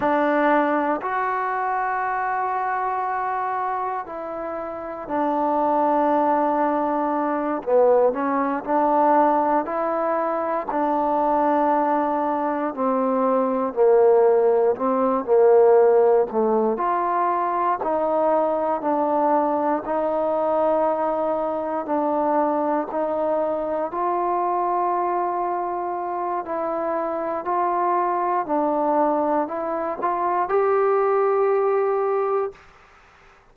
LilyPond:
\new Staff \with { instrumentName = "trombone" } { \time 4/4 \tempo 4 = 59 d'4 fis'2. | e'4 d'2~ d'8 b8 | cis'8 d'4 e'4 d'4.~ | d'8 c'4 ais4 c'8 ais4 |
a8 f'4 dis'4 d'4 dis'8~ | dis'4. d'4 dis'4 f'8~ | f'2 e'4 f'4 | d'4 e'8 f'8 g'2 | }